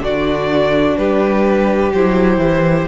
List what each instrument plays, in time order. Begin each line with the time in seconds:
0.00 cello D3, viola D4, violin F#4 D5
0.97 cello G3, violin G4 B4
1.93 cello F#3, viola E4, violin C5
2.38 cello E3